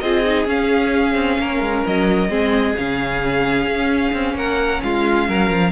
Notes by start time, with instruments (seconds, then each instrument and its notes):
0.00 cello C4, viola F4, violin G#4 D#5
0.25 viola D#4
0.46 cello C#4, viola C#4, violin F5
1.15 cello C4
1.39 cello A#3, violin A#4
1.60 cello G#3
1.86 cello F#3, violin D#5
2.29 cello G#3, viola C4, violin G#4
2.77 cello C#3, viola C#4, violin F5
3.67 cello C#4
4.13 cello C4
4.35 cello A#3, violin A#4 F#5
4.83 cello G#3, violin F4 F5
5.29 cello F#3, violin A#4
5.50 cello F3